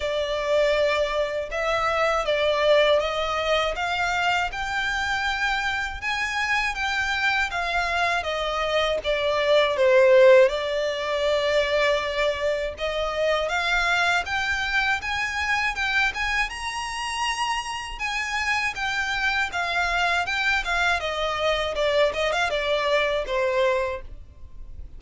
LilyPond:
\new Staff \with { instrumentName = "violin" } { \time 4/4 \tempo 4 = 80 d''2 e''4 d''4 | dis''4 f''4 g''2 | gis''4 g''4 f''4 dis''4 | d''4 c''4 d''2~ |
d''4 dis''4 f''4 g''4 | gis''4 g''8 gis''8 ais''2 | gis''4 g''4 f''4 g''8 f''8 | dis''4 d''8 dis''16 f''16 d''4 c''4 | }